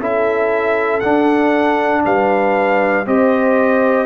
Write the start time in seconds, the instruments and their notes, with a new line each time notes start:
0.00 tuba C#4, trombone E4, horn A4, trumpet E5
1.00 trombone D4, tuba D4, trumpet F#5
2.05 tuba G3, horn B4, trumpet F5
3.06 tuba C4, trombone G4, horn C5, trumpet D#5